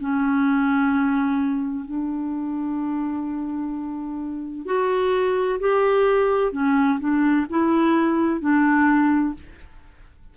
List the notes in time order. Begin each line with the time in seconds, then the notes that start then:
0.00 C#4
1.85 D4
4.66 F#4
5.60 G4
6.52 C#4
6.99 D4
7.50 E4
8.40 D4